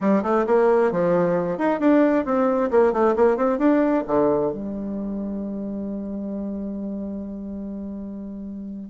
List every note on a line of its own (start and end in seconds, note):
0.00 0.23 G3
0.23 0.45 A3
0.46 0.91 A#3
0.91 1.57 F3
1.57 1.79 D#4
1.79 2.25 D4
2.25 2.70 C4
2.70 2.92 A#3
2.92 3.15 A3
3.16 3.36 A#3
3.36 3.58 C4
3.58 4.03 D4
4.07 4.52 D3
4.52 8.90 G3